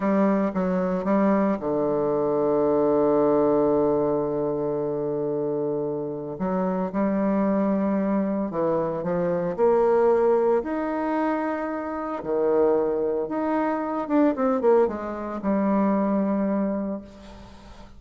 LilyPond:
\new Staff \with { instrumentName = "bassoon" } { \time 4/4 \tempo 4 = 113 g4 fis4 g4 d4~ | d1~ | d1 | fis4 g2. |
e4 f4 ais2 | dis'2. dis4~ | dis4 dis'4. d'8 c'8 ais8 | gis4 g2. | }